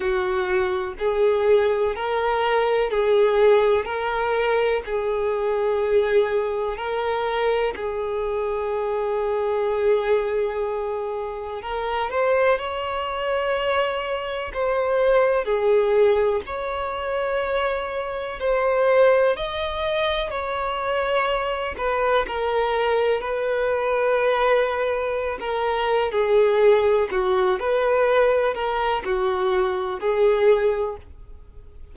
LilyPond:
\new Staff \with { instrumentName = "violin" } { \time 4/4 \tempo 4 = 62 fis'4 gis'4 ais'4 gis'4 | ais'4 gis'2 ais'4 | gis'1 | ais'8 c''8 cis''2 c''4 |
gis'4 cis''2 c''4 | dis''4 cis''4. b'8 ais'4 | b'2~ b'16 ais'8. gis'4 | fis'8 b'4 ais'8 fis'4 gis'4 | }